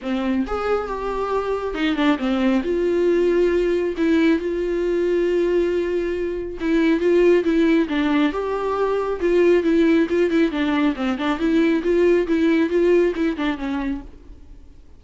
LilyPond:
\new Staff \with { instrumentName = "viola" } { \time 4/4 \tempo 4 = 137 c'4 gis'4 g'2 | dis'8 d'8 c'4 f'2~ | f'4 e'4 f'2~ | f'2. e'4 |
f'4 e'4 d'4 g'4~ | g'4 f'4 e'4 f'8 e'8 | d'4 c'8 d'8 e'4 f'4 | e'4 f'4 e'8 d'8 cis'4 | }